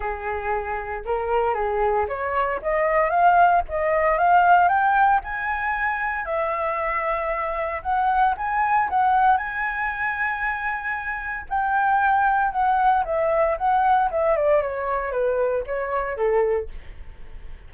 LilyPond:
\new Staff \with { instrumentName = "flute" } { \time 4/4 \tempo 4 = 115 gis'2 ais'4 gis'4 | cis''4 dis''4 f''4 dis''4 | f''4 g''4 gis''2 | e''2. fis''4 |
gis''4 fis''4 gis''2~ | gis''2 g''2 | fis''4 e''4 fis''4 e''8 d''8 | cis''4 b'4 cis''4 a'4 | }